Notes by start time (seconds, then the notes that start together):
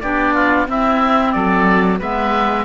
0.00 B3 D4 G4 D5
0.34 F4
0.67 C4 E4 E5
1.32 F#3 A4 D5
1.98 G#3 B3 B4 E5